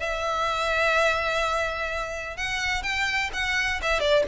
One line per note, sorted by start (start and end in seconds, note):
0.00 2.37 E5
2.37 2.83 F#5
2.83 3.31 G5
3.34 3.81 F#5
3.82 4.00 E5
4.00 4.24 D5